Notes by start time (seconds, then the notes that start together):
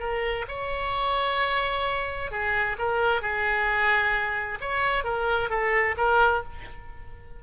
0.00 A#4
0.48 C#5
2.31 G#4
2.79 A#4
3.22 G#4
4.61 C#5
5.04 A#4
5.50 A4
5.98 A#4